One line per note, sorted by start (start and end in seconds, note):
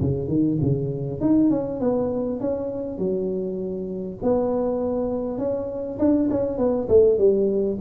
0.00 0.28 C#3
0.28 0.58 D#3
0.61 1.21 C#3
1.21 1.50 D#4
1.50 1.80 C#4
1.80 2.40 B3
2.40 2.98 C#4
2.98 4.18 F#3
4.22 5.38 B3
5.38 5.98 C#4
5.99 6.29 D4
6.30 6.58 C#4
6.58 6.88 B3
6.88 7.18 A3
7.18 7.78 G3